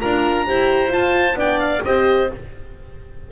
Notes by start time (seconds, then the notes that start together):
0.00 D4 F4 A#4 A#5
0.46 E4 G4 C5
0.88 F4 A5
1.34 B3 D4 D5 G5
1.60 F5
1.85 C4 G4 C5 D#5